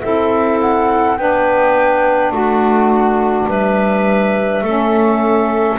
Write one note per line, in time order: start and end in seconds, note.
0.00 1.18 C4
0.00 1.16 E4
0.00 1.19 A4
0.00 0.58 E5
0.60 1.17 F#5
1.17 2.31 B3
1.17 4.63 D4
1.17 2.33 B4
1.17 2.32 G5
2.31 3.47 A3
2.31 3.48 F#4
2.31 3.49 F#5
3.48 4.62 G3
3.48 4.63 B4
3.48 5.78 E5
4.62 5.77 A3
4.62 5.78 C#4
4.62 5.78 A4